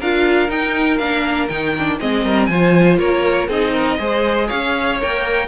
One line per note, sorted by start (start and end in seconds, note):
0.00 0.49 D4
0.00 0.48 F4
0.00 2.00 A#4
0.00 0.51 F5
0.48 0.98 D#4
0.48 0.99 D#4
0.48 0.97 G5
0.97 1.49 A#3
0.97 1.50 D4
0.97 1.47 F5
1.48 2.00 D#3
1.48 1.76 D#4
1.48 1.98 G5
1.78 2.00 D4
2.00 2.25 G#3
2.00 2.50 C4
2.00 2.25 G#4
2.00 2.46 D#5
2.25 2.49 G3
2.25 2.50 A#4
2.46 2.98 F3
2.46 3.50 F4
2.46 2.99 C5
2.46 2.96 G#5
2.98 3.48 A#3
2.98 3.49 A#4
2.98 3.49 C#5
3.48 3.98 C4
3.48 3.98 D#4
3.48 3.73 G#4
3.48 4.49 D#5
3.73 3.98 A#4
3.98 4.49 G#3
3.98 4.98 G#4
3.98 4.48 C5
4.48 5.01 C#4
4.48 5.48 C#5
4.48 4.99 F5
5.01 5.48 A#3
5.01 5.48 A#4
5.01 5.48 G5